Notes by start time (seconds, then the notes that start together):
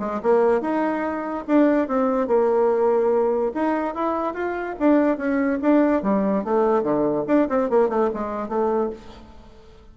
0.00 G#3
0.23 A#3
0.62 D#4
1.48 D4
1.88 C4
2.28 A#3
3.55 D#4
3.95 E4
4.34 F4
4.80 D4
5.18 C#4
5.62 D4
6.03 G3
6.45 A3
6.83 D3
7.28 D4
7.49 C4
7.70 A#3
7.89 A3
8.14 G#3
8.49 A3